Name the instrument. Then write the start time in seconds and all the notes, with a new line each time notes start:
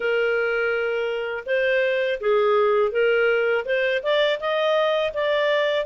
clarinet
0.00 A#4
1.46 C5
2.20 G#4
2.91 A#4
3.65 C5
4.02 D5
4.40 D#5
5.13 D5